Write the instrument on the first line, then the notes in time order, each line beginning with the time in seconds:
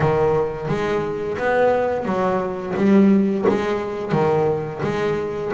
double bass
0.00 D#3
0.68 G#3
1.38 B3
2.05 F#3
2.76 G3
3.48 G#3
4.12 D#3
4.83 G#3